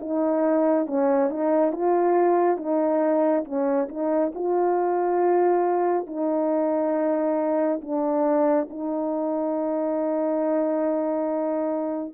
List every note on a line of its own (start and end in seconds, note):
0.00 0.87 D#4
0.87 1.30 C#4
1.30 1.73 D#4
1.73 2.58 F4
2.58 3.45 D#4
3.45 3.89 C#4
3.89 4.32 D#4
4.35 6.07 F4
6.07 7.81 D#4
7.82 8.69 D4
8.70 12.14 D#4